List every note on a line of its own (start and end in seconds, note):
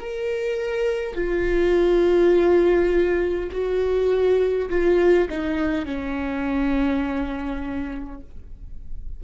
0.00 1.15 A#4
1.15 3.50 F4
3.52 4.70 F#4
4.70 5.28 F4
5.30 5.86 D#4
5.86 8.21 C#4